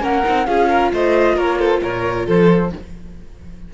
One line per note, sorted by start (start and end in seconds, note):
0.00 0.23 A#3
0.00 0.22 C#4
0.00 0.46 A#4
0.00 0.46 F#5
0.24 0.47 C4
0.24 0.46 D#4
0.46 0.92 C#4
0.46 2.69 F4
0.46 0.69 G#4
0.46 0.91 F5
0.69 0.91 A#4
0.92 1.36 A3
0.92 1.35 C5
0.92 1.38 D#5
1.35 1.81 A#3
1.35 1.58 A#4
1.35 1.59 C#5
1.58 1.80 A4
1.58 1.81 C5
1.82 2.27 A#2
1.82 2.26 A#4
1.82 2.27 C#5
2.26 2.72 F3
2.26 2.70 A4
2.26 2.73 C5